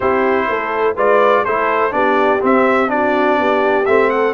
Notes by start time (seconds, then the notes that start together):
0.00 C4 E4 G4 C5
0.48 A3 A4
0.95 G#3 F4 B4 D5
1.44 A3 E4 A4 C5
1.91 B3 D4 G4 D5
2.40 C4 E5
2.87 D4 F#4 D5
3.39 B3 G4
3.85 A3 C4 E5
4.10 A4 F#5